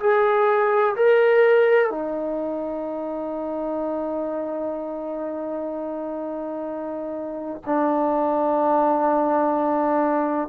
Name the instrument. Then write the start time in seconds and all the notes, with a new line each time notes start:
trombone
0.00 G#4
0.96 A#4
1.90 D#4
7.66 D4